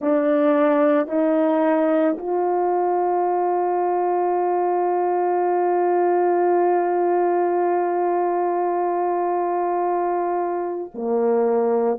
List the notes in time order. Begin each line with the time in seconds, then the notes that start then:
0.01 D4
1.07 D#4
2.18 F4
10.94 A#3